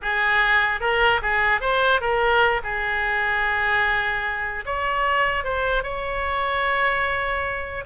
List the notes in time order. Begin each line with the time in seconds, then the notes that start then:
0.01 G#4
0.80 A#4
1.22 G#4
1.60 C5
2.00 A#4
2.63 G#4
4.65 C#5
5.44 C5
5.83 C#5